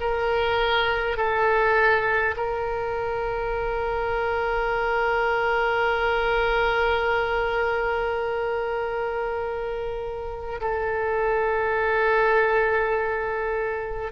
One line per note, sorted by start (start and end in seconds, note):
0.00 1.17 A#4
1.17 2.35 A4
2.37 10.60 A#4
10.61 14.12 A4